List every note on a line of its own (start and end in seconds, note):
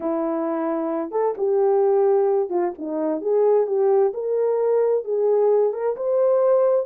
0.00 1.11 E4
1.11 1.34 A4
1.37 2.49 G4
2.49 2.72 F4
2.78 3.21 D#4
3.21 3.66 G#4
3.66 4.12 G4
4.13 5.04 A#4
5.04 5.73 G#4
5.73 5.95 A#4
5.96 6.86 C5